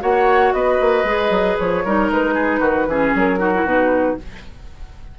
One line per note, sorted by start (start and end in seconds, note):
0.00 0.53 A#3
0.00 1.04 F#4
0.00 0.54 C#5
0.00 0.53 F#5
0.53 0.79 B3
0.53 1.85 B4
0.53 1.57 D#5
0.80 1.04 A#3
1.04 1.30 G#3
1.04 1.84 G#4
1.30 1.56 F#3
1.58 1.85 F3
1.58 2.10 C#5
1.85 2.10 G3
1.85 2.90 D#4
1.85 2.33 A#4
2.10 2.60 G#3
2.10 3.16 B4
2.33 2.60 G#4
2.60 2.86 D#3
2.60 2.86 F#4
2.87 3.13 E3
2.87 3.38 C#4
2.87 3.39 G#4
3.14 3.64 F#3
3.14 3.67 A#4
3.38 3.52 D#4
3.38 4.18 F#4
3.54 3.65 E4
3.64 4.16 B2
3.64 4.18 D#4
3.64 4.19 B4